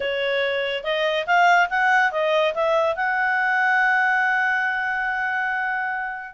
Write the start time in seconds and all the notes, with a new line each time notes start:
0.00 C#5
0.83 D#5
1.26 F5
1.69 F#5
2.11 D#5
2.54 E5
2.96 F#5